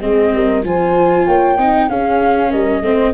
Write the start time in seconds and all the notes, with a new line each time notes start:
0.00 G#3 C4 G#4 D#5
0.33 G3 A#4
0.64 F3 F4 C5 G#5
1.26 A#3 C#5 G5
1.57 C4 D#4 D#5
1.89 C#4 G#4 F5
2.50 G3 A#4 D#5
2.81 A3 C4 C5